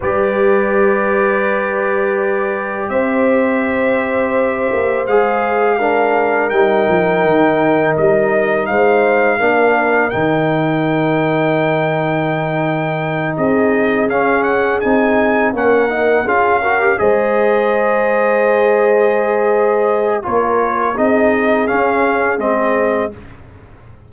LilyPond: <<
  \new Staff \with { instrumentName = "trumpet" } { \time 4/4 \tempo 4 = 83 d''1 | e''2. f''4~ | f''4 g''2 dis''4 | f''2 g''2~ |
g''2~ g''8 dis''4 f''8 | fis''8 gis''4 fis''4 f''4 dis''8~ | dis''1 | cis''4 dis''4 f''4 dis''4 | }
  \new Staff \with { instrumentName = "horn" } { \time 4/4 b'1 | c''1 | ais'1 | c''4 ais'2.~ |
ais'2~ ais'8 gis'4.~ | gis'4. ais'4 gis'8 ais'8 c''8~ | c''1 | ais'4 gis'2. | }
  \new Staff \with { instrumentName = "trombone" } { \time 4/4 g'1~ | g'2. gis'4 | d'4 dis'2.~ | dis'4 d'4 dis'2~ |
dis'2.~ dis'8 cis'8~ | cis'8 dis'4 cis'8 dis'8 f'8 fis'16 g'16 gis'8~ | gis'1 | f'4 dis'4 cis'4 c'4 | }
  \new Staff \with { instrumentName = "tuba" } { \time 4/4 g1 | c'2~ c'8 ais8 gis4~ | gis4 g8 f8 dis4 g4 | gis4 ais4 dis2~ |
dis2~ dis8 c'4 cis'8~ | cis'8 c'4 ais4 cis'4 gis8~ | gis1 | ais4 c'4 cis'4 gis4 | }
>>